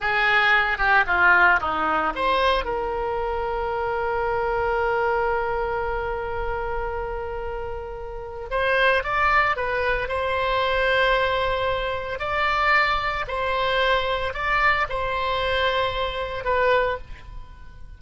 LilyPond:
\new Staff \with { instrumentName = "oboe" } { \time 4/4 \tempo 4 = 113 gis'4. g'8 f'4 dis'4 | c''4 ais'2.~ | ais'1~ | ais'1 |
c''4 d''4 b'4 c''4~ | c''2. d''4~ | d''4 c''2 d''4 | c''2. b'4 | }